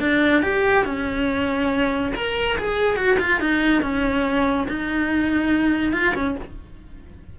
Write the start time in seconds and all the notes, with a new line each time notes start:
0.00 D4
0.43 G4
0.85 C#4
2.15 A#4
2.58 G#4
2.97 F#4
3.19 F4
3.40 D#4
3.82 C#4
4.68 D#4
5.93 F4
6.15 C#4